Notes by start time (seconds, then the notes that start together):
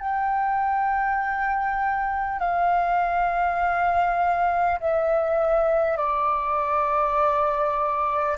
0.00 G5
2.39 F5
4.80 E5
5.97 D5